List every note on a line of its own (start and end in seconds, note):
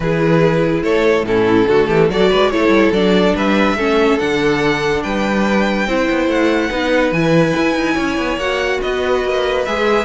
0.00 0.82 E3
0.00 1.25 E4
0.00 0.83 G#4
0.00 0.83 B4
0.83 1.23 A3
0.83 1.25 A4
0.83 1.25 C#5
1.23 1.65 A2
1.23 1.67 C#4
1.23 1.68 E4
1.23 2.10 A4
1.68 1.89 D3
1.68 2.10 A3
1.68 1.87 F#4
1.87 2.09 E3
1.87 2.08 G4
2.09 2.30 F#3
2.09 2.52 F#4
2.09 2.30 A4
2.09 2.50 D5
2.30 2.53 G#3
2.30 2.51 B4
2.50 2.68 A3
2.50 2.94 E4
2.50 3.35 A4
2.50 2.92 C#5
2.68 2.89 G3
2.92 3.33 F#3
2.92 3.78 D4
2.92 3.35 D5
3.35 3.76 G3
3.35 3.77 B4
3.35 4.18 E5
3.76 4.18 A3
3.76 4.19 C#4
3.76 5.03 A4
4.18 5.04 D3
4.18 5.87 D4
4.18 5.02 F#5
5.03 5.87 G3
5.03 5.87 B4
5.03 6.29 G5
5.87 6.08 C4
5.87 6.70 E4
5.87 6.69 C5
6.09 6.27 B3
6.27 6.69 A3
6.27 7.13 F#5
6.69 7.11 B3
6.69 7.12 D#4
6.69 7.94 B4
7.11 7.53 E3
7.11 8.39 E4
7.11 8.38 G#5
7.56 7.75 E4
7.75 7.96 D#4
7.94 8.17 C#4
7.94 8.78 C#5
8.17 8.36 B3
8.36 8.78 A#3
8.36 9.65 F#4
8.36 8.81 F#5
8.81 9.24 B3
8.81 10.05 B4
8.81 9.65 D#5
9.24 9.66 A#3
9.65 10.05 G#3
9.65 10.05 G#4
9.65 10.05 E5